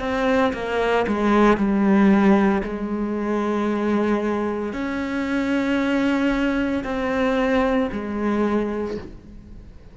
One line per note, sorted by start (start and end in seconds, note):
0.00 0.53 C4
0.54 1.06 A#3
1.08 1.57 G#3
1.57 2.63 G3
2.64 4.73 G#3
4.73 6.84 C#4
6.84 7.89 C4
7.92 8.98 G#3